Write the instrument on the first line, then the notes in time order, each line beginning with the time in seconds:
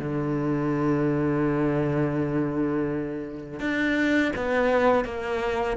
cello
0.00 D3
3.60 D4
4.36 B3
5.05 A#3